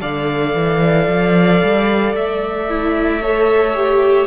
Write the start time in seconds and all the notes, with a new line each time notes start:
0.00 D3 A4 D5 F5
0.54 E3
1.08 F3
1.63 G3
2.14 A3 E5
2.68 E4
3.22 A4 C#5
3.74 G4